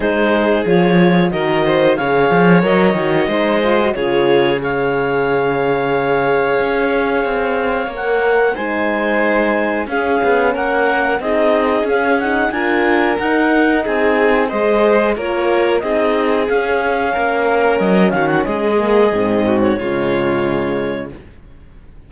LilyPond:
<<
  \new Staff \with { instrumentName = "clarinet" } { \time 4/4 \tempo 4 = 91 c''4 cis''4 dis''4 f''4 | dis''2 cis''4 f''4~ | f''1 | fis''4 gis''2 f''4 |
fis''4 dis''4 f''8 fis''8 gis''4 | fis''4 gis''4 dis''4 cis''4 | dis''4 f''2 dis''8 f''16 fis''16 | dis''4.~ dis''16 cis''2~ cis''16 | }
  \new Staff \with { instrumentName = "violin" } { \time 4/4 gis'2 ais'8 c''8 cis''4~ | cis''4 c''4 gis'4 cis''4~ | cis''1~ | cis''4 c''2 gis'4 |
ais'4 gis'2 ais'4~ | ais'4 gis'4 c''4 ais'4 | gis'2 ais'4. fis'8 | gis'4. fis'8 f'2 | }
  \new Staff \with { instrumentName = "horn" } { \time 4/4 dis'4 f'4 fis'4 gis'4 | ais'8 fis'8 dis'8 f'16 fis'16 f'4 gis'4~ | gis'1 | ais'4 dis'2 cis'4~ |
cis'4 dis'4 cis'8 dis'8 f'4 | dis'2 gis'4 f'4 | dis'4 cis'2.~ | cis'8 ais8 c'4 gis2 | }
  \new Staff \with { instrumentName = "cello" } { \time 4/4 gis4 f4 dis4 cis8 f8 | fis8 dis8 gis4 cis2~ | cis2 cis'4 c'4 | ais4 gis2 cis'8 b8 |
ais4 c'4 cis'4 d'4 | dis'4 c'4 gis4 ais4 | c'4 cis'4 ais4 fis8 dis8 | gis4 gis,4 cis2 | }
>>